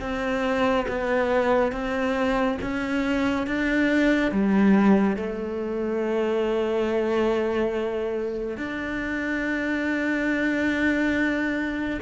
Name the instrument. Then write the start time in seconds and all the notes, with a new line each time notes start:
cello
0.00 C4
0.88 B3
1.72 C4
2.61 C#4
3.47 D4
4.31 G3
5.16 A3
8.57 D4